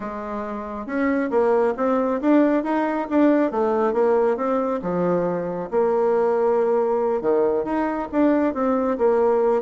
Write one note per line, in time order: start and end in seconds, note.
0.00 0.86 G#3
0.86 1.30 C#4
1.30 1.74 A#3
1.76 2.20 C4
2.21 2.63 D4
2.63 3.07 D#4
3.09 3.51 D4
3.51 3.93 A3
3.93 4.36 A#3
4.36 4.80 C4
4.82 5.69 F3
5.70 7.21 A#3
7.21 7.64 D#3
7.64 8.08 D#4
8.12 8.53 D4
8.53 8.97 C4
8.98 9.62 A#3